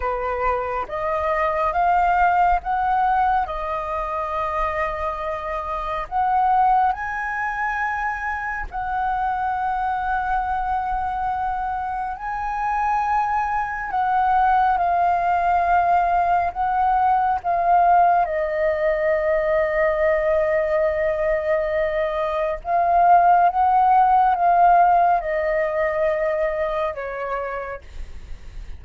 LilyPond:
\new Staff \with { instrumentName = "flute" } { \time 4/4 \tempo 4 = 69 b'4 dis''4 f''4 fis''4 | dis''2. fis''4 | gis''2 fis''2~ | fis''2 gis''2 |
fis''4 f''2 fis''4 | f''4 dis''2.~ | dis''2 f''4 fis''4 | f''4 dis''2 cis''4 | }